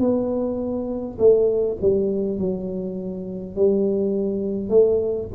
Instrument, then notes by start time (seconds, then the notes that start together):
tuba
0.00 B3
1.19 A3
1.82 G3
2.39 F#3
3.56 G3
4.70 A3